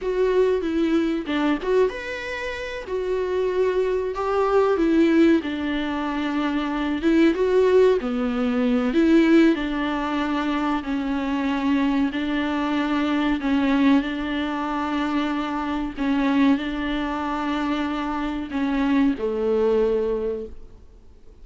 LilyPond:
\new Staff \with { instrumentName = "viola" } { \time 4/4 \tempo 4 = 94 fis'4 e'4 d'8 fis'8 b'4~ | b'8 fis'2 g'4 e'8~ | e'8 d'2~ d'8 e'8 fis'8~ | fis'8 b4. e'4 d'4~ |
d'4 cis'2 d'4~ | d'4 cis'4 d'2~ | d'4 cis'4 d'2~ | d'4 cis'4 a2 | }